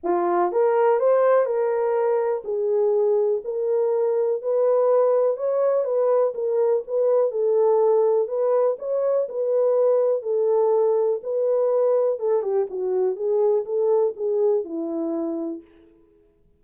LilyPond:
\new Staff \with { instrumentName = "horn" } { \time 4/4 \tempo 4 = 123 f'4 ais'4 c''4 ais'4~ | ais'4 gis'2 ais'4~ | ais'4 b'2 cis''4 | b'4 ais'4 b'4 a'4~ |
a'4 b'4 cis''4 b'4~ | b'4 a'2 b'4~ | b'4 a'8 g'8 fis'4 gis'4 | a'4 gis'4 e'2 | }